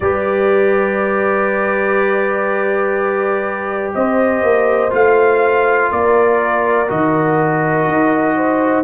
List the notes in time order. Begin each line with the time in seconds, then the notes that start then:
0.00 G3 G4 B4 D5
3.94 C4 C5 D#5
4.42 A#3
4.90 A3 F4 F5
5.91 A#3 A#4 D5
6.87 D#3 F#4 D#5
7.87 D#4
8.36 C5